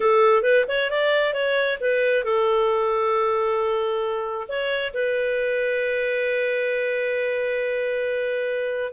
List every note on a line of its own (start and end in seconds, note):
0.00 0.42 A4
0.42 0.65 B4
0.68 0.90 C#5
0.90 1.33 D5
1.33 1.78 C#5
1.80 2.23 B4
2.23 4.47 A4
4.48 4.93 C#5
4.93 8.92 B4